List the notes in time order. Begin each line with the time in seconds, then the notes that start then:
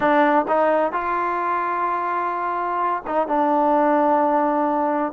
0.00 D4
0.48 D#4
0.92 F4
3.06 D#4
3.27 D4